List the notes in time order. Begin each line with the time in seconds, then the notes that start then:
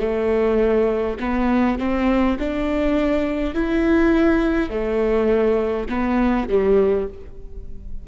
0.00 A3
1.20 B3
1.79 C4
2.39 D4
3.55 E4
4.70 A3
5.89 B3
6.49 G3